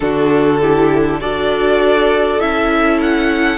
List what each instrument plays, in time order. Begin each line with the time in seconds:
0.00 cello D3, viola D4, violin F#4 A4
0.60 viola E4, violin G4
1.19 cello D4, viola F#4, violin A4 D5
2.40 cello C#4, viola E4, violin E5
3.01 violin F#5